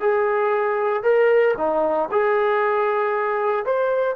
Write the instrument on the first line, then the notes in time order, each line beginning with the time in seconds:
trombone
0.00 G#4
1.03 A#4
1.57 D#4
2.11 G#4
3.65 C5